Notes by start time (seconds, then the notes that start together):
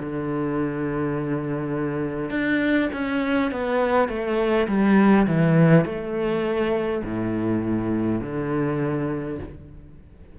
0.00 D3
2.30 D4
2.94 C#4
3.52 B3
4.09 A3
4.68 G3
5.27 E3
5.86 A3
7.05 A2
8.21 D3